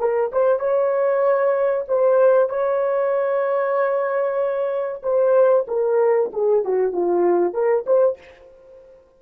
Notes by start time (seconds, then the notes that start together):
0.00 A#4
0.32 C5
0.59 C#5
1.88 C5
2.50 C#5
5.03 C5
5.68 A#4
6.33 G#4
6.65 F#4
6.93 F4
7.54 A#4
7.87 C5